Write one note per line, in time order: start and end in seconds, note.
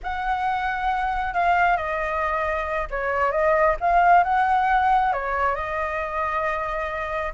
0.03 1.34 F#5
1.34 1.76 F5
1.76 2.87 D#5
2.90 3.31 C#5
3.31 3.76 D#5
3.80 4.23 F5
4.23 5.12 F#5
5.12 5.55 C#5
5.55 7.33 D#5